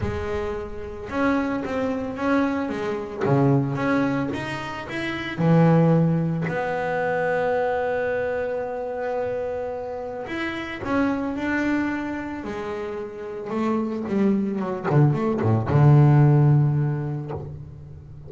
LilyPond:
\new Staff \with { instrumentName = "double bass" } { \time 4/4 \tempo 4 = 111 gis2 cis'4 c'4 | cis'4 gis4 cis4 cis'4 | dis'4 e'4 e2 | b1~ |
b2. e'4 | cis'4 d'2 gis4~ | gis4 a4 g4 fis8 d8 | a8 a,8 d2. | }